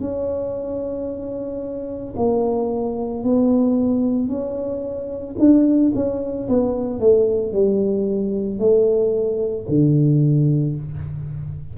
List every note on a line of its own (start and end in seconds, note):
0.00 2.14 C#4
2.16 3.23 A#3
3.23 4.28 B3
4.28 5.35 C#4
5.39 5.92 D4
5.95 6.48 C#4
6.48 7.00 B3
7.00 7.52 A3
7.52 8.59 G3
8.59 9.66 A3
9.68 10.75 D3